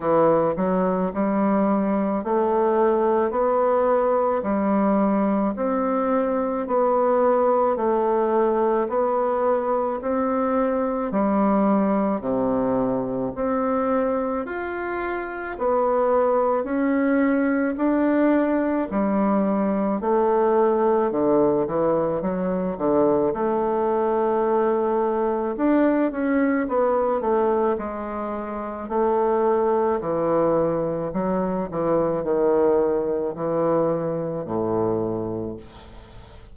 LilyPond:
\new Staff \with { instrumentName = "bassoon" } { \time 4/4 \tempo 4 = 54 e8 fis8 g4 a4 b4 | g4 c'4 b4 a4 | b4 c'4 g4 c4 | c'4 f'4 b4 cis'4 |
d'4 g4 a4 d8 e8 | fis8 d8 a2 d'8 cis'8 | b8 a8 gis4 a4 e4 | fis8 e8 dis4 e4 a,4 | }